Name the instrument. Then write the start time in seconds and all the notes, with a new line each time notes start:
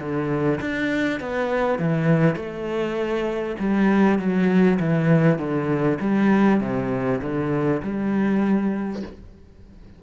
cello
0.00 D3
0.61 D4
1.20 B3
1.79 E3
2.36 A3
3.59 G3
4.19 F#3
4.80 E3
5.38 D3
6.01 G3
6.61 C3
7.22 D3
7.83 G3